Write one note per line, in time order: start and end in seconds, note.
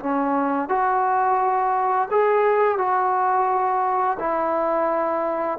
0.00 0.69 C#4
0.69 2.09 F#4
2.11 2.78 G#4
2.78 4.18 F#4
4.20 5.59 E4